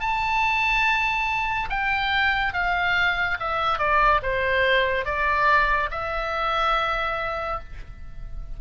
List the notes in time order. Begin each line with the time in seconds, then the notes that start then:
0.00 A5
1.70 G5
2.53 F5
3.40 E5
3.78 D5
4.23 C5
5.05 D5
5.91 E5